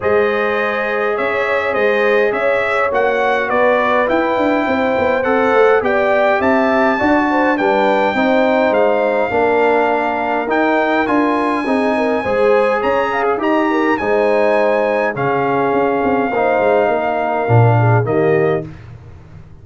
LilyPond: <<
  \new Staff \with { instrumentName = "trumpet" } { \time 4/4 \tempo 4 = 103 dis''2 e''4 dis''4 | e''4 fis''4 d''4 g''4~ | g''4 fis''4 g''4 a''4~ | a''4 g''2 f''4~ |
f''2 g''4 gis''4~ | gis''2 ais''8. gis'16 ais''4 | gis''2 f''2~ | f''2. dis''4 | }
  \new Staff \with { instrumentName = "horn" } { \time 4/4 c''2 cis''4 c''4 | cis''2 b'2 | c''2 d''4 e''4 | d''8 c''8 b'4 c''2 |
ais'1 | gis'8 ais'8 c''4 cis''8 f''8 dis''8 ais'8 | c''2 gis'2 | c''4 ais'4. gis'8 g'4 | }
  \new Staff \with { instrumentName = "trombone" } { \time 4/4 gis'1~ | gis'4 fis'2 e'4~ | e'4 a'4 g'2 | fis'4 d'4 dis'2 |
d'2 dis'4 f'4 | dis'4 gis'2 g'4 | dis'2 cis'2 | dis'2 d'4 ais4 | }
  \new Staff \with { instrumentName = "tuba" } { \time 4/4 gis2 cis'4 gis4 | cis'4 ais4 b4 e'8 d'8 | c'8 b8 c'8 a8 b4 c'4 | d'4 g4 c'4 gis4 |
ais2 dis'4 d'4 | c'4 gis4 cis'4 dis'4 | gis2 cis4 cis'8 c'8 | ais8 gis8 ais4 ais,4 dis4 | }
>>